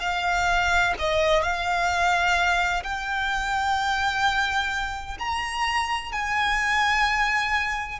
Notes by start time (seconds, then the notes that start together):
0.00 F5
0.99 D#5
1.43 F5
2.83 G5
5.19 A#5
6.12 G#5